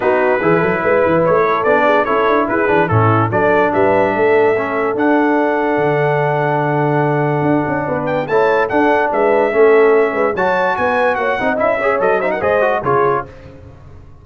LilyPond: <<
  \new Staff \with { instrumentName = "trumpet" } { \time 4/4 \tempo 4 = 145 b'2. cis''4 | d''4 cis''4 b'4 a'4 | d''4 e''2. | fis''1~ |
fis''2.~ fis''8 g''8 | a''4 fis''4 e''2~ | e''4 a''4 gis''4 fis''4 | e''4 dis''8 e''16 fis''16 dis''4 cis''4 | }
  \new Staff \with { instrumentName = "horn" } { \time 4/4 fis'4 gis'8 a'8 b'4. a'8~ | a'8 gis'8 a'4 gis'4 e'4 | a'4 b'4 a'2~ | a'1~ |
a'2. b'4 | cis''4 a'4 b'4 a'4~ | a'8 b'8 cis''4 b'4 cis''8 dis''8~ | dis''8 cis''4 c''16 ais'16 c''4 gis'4 | }
  \new Staff \with { instrumentName = "trombone" } { \time 4/4 dis'4 e'2. | d'4 e'4. d'8 cis'4 | d'2. cis'4 | d'1~ |
d'1 | e'4 d'2 cis'4~ | cis'4 fis'2~ fis'8 dis'8 | e'8 gis'8 a'8 dis'8 gis'8 fis'8 f'4 | }
  \new Staff \with { instrumentName = "tuba" } { \time 4/4 b4 e8 fis8 gis8 e8 a4 | b4 cis'8 d'8 e'8 e8 a,4 | fis4 g4 a2 | d'2 d2~ |
d2 d'8 cis'8 b4 | a4 d'4 gis4 a4~ | a8 gis8 fis4 b4 ais8 c'8 | cis'4 fis4 gis4 cis4 | }
>>